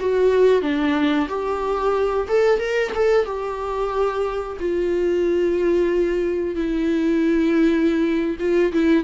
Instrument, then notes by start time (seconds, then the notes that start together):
viola
0.00 F#4
0.62 D4
1.29 G4
2.28 A4
2.59 A#4
2.95 A4
3.25 G4
4.60 F4
6.55 E4
8.39 F4
8.73 E4